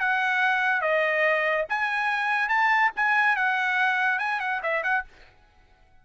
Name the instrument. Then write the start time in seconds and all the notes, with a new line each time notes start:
trumpet
0.00 F#5
0.82 D#5
1.70 G#5
2.49 A5
2.96 G#5
3.37 F#5
4.19 G#5
4.41 F#5
4.63 E5
4.83 F#5